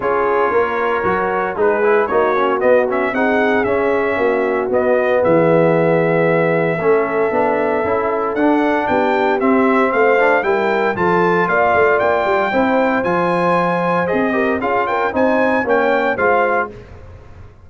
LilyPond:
<<
  \new Staff \with { instrumentName = "trumpet" } { \time 4/4 \tempo 4 = 115 cis''2. b'4 | cis''4 dis''8 e''8 fis''4 e''4~ | e''4 dis''4 e''2~ | e''1 |
fis''4 g''4 e''4 f''4 | g''4 a''4 f''4 g''4~ | g''4 gis''2 dis''4 | f''8 g''8 gis''4 g''4 f''4 | }
  \new Staff \with { instrumentName = "horn" } { \time 4/4 gis'4 ais'2 gis'4 | fis'2 gis'2 | fis'2 gis'2~ | gis'4 a'2.~ |
a'4 g'2 c''4 | ais'4 a'4 d''2 | c''2.~ c''8 ais'8 | gis'8 ais'8 c''4 cis''4 c''4 | }
  \new Staff \with { instrumentName = "trombone" } { \time 4/4 f'2 fis'4 dis'8 e'8 | dis'8 cis'8 b8 cis'8 dis'4 cis'4~ | cis'4 b2.~ | b4 cis'4 d'4 e'4 |
d'2 c'4. d'8 | e'4 f'2. | e'4 f'2 gis'8 g'8 | f'4 dis'4 cis'4 f'4 | }
  \new Staff \with { instrumentName = "tuba" } { \time 4/4 cis'4 ais4 fis4 gis4 | ais4 b4 c'4 cis'4 | ais4 b4 e2~ | e4 a4 b4 cis'4 |
d'4 b4 c'4 a4 | g4 f4 ais8 a8 ais8 g8 | c'4 f2 c'4 | cis'4 c'4 ais4 gis4 | }
>>